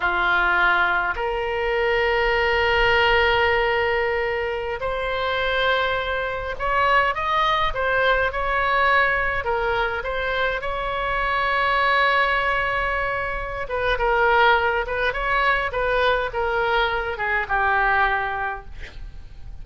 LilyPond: \new Staff \with { instrumentName = "oboe" } { \time 4/4 \tempo 4 = 103 f'2 ais'2~ | ais'1~ | ais'16 c''2. cis''8.~ | cis''16 dis''4 c''4 cis''4.~ cis''16~ |
cis''16 ais'4 c''4 cis''4.~ cis''16~ | cis''2.~ cis''8 b'8 | ais'4. b'8 cis''4 b'4 | ais'4. gis'8 g'2 | }